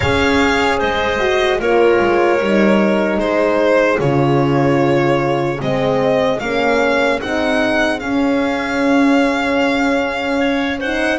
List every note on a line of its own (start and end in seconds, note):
0.00 0.81 C#4
0.00 1.19 G#4
0.00 0.78 C#5
0.00 0.79 F5
0.78 1.59 G#3
0.78 1.58 C5
0.78 1.60 D#5
1.19 1.59 F#4
1.59 1.99 A#3
1.59 2.39 F4
1.59 3.19 A#4
1.59 3.19 C#5
2.00 2.39 G#3
2.39 3.17 G3
2.39 4.00 D#4
3.17 3.97 G#3
3.17 10.38 G#4
3.17 3.99 C5
3.99 5.59 C#3
3.99 5.59 F4
3.99 5.61 C#5
5.59 6.41 G#3
5.59 6.39 C4
5.59 6.39 D#5
6.39 7.21 A#3
6.39 7.20 C#4
6.39 7.19 F5
7.20 8.01 C4
7.20 8.00 D#4
7.20 7.99 F#5
7.99 10.81 C#4
7.99 11.18 C#4
7.99 10.79 F5
10.38 10.79 C#5
10.79 11.18 D#4
10.79 11.18 C5
10.79 11.18 F#5